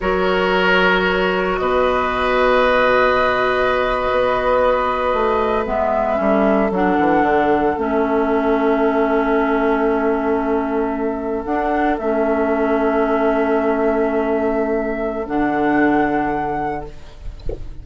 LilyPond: <<
  \new Staff \with { instrumentName = "flute" } { \time 4/4 \tempo 4 = 114 cis''2. dis''4~ | dis''1~ | dis''2~ dis''8. e''4~ e''16~ | e''8. fis''2 e''4~ e''16~ |
e''1~ | e''4.~ e''16 fis''4 e''4~ e''16~ | e''1~ | e''4 fis''2. | }
  \new Staff \with { instrumentName = "oboe" } { \time 4/4 ais'2. b'4~ | b'1~ | b'2.~ b'8. a'16~ | a'1~ |
a'1~ | a'1~ | a'1~ | a'1 | }
  \new Staff \with { instrumentName = "clarinet" } { \time 4/4 fis'1~ | fis'1~ | fis'2~ fis'8. b4 cis'16~ | cis'8. d'2 cis'4~ cis'16~ |
cis'1~ | cis'4.~ cis'16 d'4 cis'4~ cis'16~ | cis'1~ | cis'4 d'2. | }
  \new Staff \with { instrumentName = "bassoon" } { \time 4/4 fis2. b,4~ | b,2.~ b,8. b16~ | b4.~ b16 a4 gis4 g16~ | g8. fis8 e8 d4 a4~ a16~ |
a1~ | a4.~ a16 d'4 a4~ a16~ | a1~ | a4 d2. | }
>>